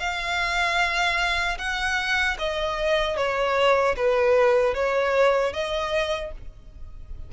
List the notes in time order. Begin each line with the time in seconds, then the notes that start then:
0.00 F5
1.58 F#5
2.39 D#5
3.17 C#5
3.96 B4
4.74 C#5
5.53 D#5